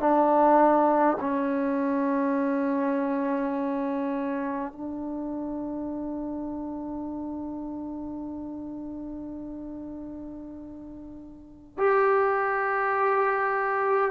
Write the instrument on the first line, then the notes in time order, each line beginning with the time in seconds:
trombone
0.00 D4
1.20 C#4
4.73 D4
11.78 G4